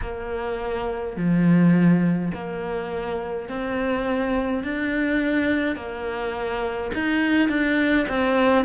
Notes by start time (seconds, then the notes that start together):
0.01 A#3
1.16 F3
2.33 A#3
3.48 C4
4.63 D4
5.75 A#3
6.94 D#4
7.48 D4
8.08 C4